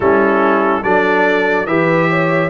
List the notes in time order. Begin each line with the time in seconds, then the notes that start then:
0.00 G3 C#4 E4 A4
0.83 F#3 D4 A4 D5
1.66 E3 G4 B4 E5
2.09 C#5